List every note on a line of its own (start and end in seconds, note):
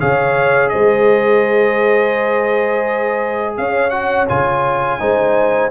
0.00 0.74 C#3
0.00 3.91 G#4
0.00 0.71 C#5
0.00 0.69 F5
0.69 3.58 G#3
0.69 3.58 C5
0.69 3.55 D#5
3.57 4.29 C#4
3.57 5.01 C#5
3.57 3.90 F5
3.90 4.27 F#4
3.90 4.26 F#5
4.29 5.00 C#3
4.29 4.99 F4
4.29 5.71 G#5
4.99 5.71 G#3
4.99 5.71 D#4
4.99 5.71 C5